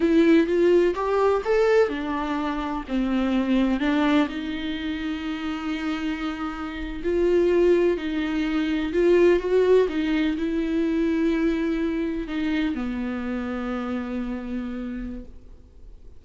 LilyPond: \new Staff \with { instrumentName = "viola" } { \time 4/4 \tempo 4 = 126 e'4 f'4 g'4 a'4 | d'2 c'2 | d'4 dis'2.~ | dis'2~ dis'8. f'4~ f'16~ |
f'8. dis'2 f'4 fis'16~ | fis'8. dis'4 e'2~ e'16~ | e'4.~ e'16 dis'4 b4~ b16~ | b1 | }